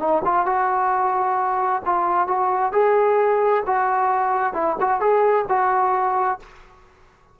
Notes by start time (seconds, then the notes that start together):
0.00 D#4
0.25 F4
0.46 F#4
1.86 F4
2.28 F#4
2.73 G#4
3.67 F#4
4.54 E4
4.81 F#4
5.01 G#4
5.49 F#4